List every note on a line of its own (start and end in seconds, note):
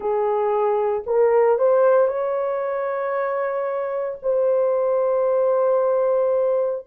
0.00 1.03 G#4
1.06 1.58 A#4
1.58 2.07 C5
2.07 4.18 C#5
4.22 6.85 C5